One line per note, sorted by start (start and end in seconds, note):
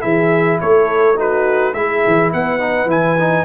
0.00 0.61 E3
0.00 1.14 E4
0.00 0.60 G#4
0.00 0.58 E5
0.60 1.74 A3
0.60 1.18 A4
0.60 1.18 C#5
1.16 1.73 D#4
1.16 1.75 F#4
1.16 1.73 B4
1.73 2.03 G#3
1.73 2.59 E4
1.73 2.32 G#4
1.73 2.31 E5
2.06 2.33 E3
2.32 2.85 B3
2.32 3.45 B4
2.32 2.90 F#5
2.59 2.87 D#4
2.85 3.42 E3
2.85 3.15 E4
2.85 3.45 G#5
3.19 3.45 D#4